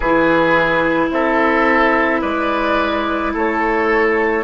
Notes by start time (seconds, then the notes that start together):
0.00 E3 E4 G#4 B4
1.10 C4 A4 E5
2.21 G#3 B4 D5
3.33 A3 A4 C#5